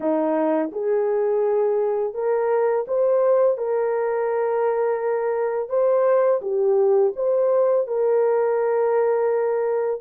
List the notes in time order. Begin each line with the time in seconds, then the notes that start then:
0.00 D#4
0.71 G#4
2.14 A#4
2.87 C5
3.57 A#4
5.69 C5
6.41 G4
7.16 C5
7.87 A#4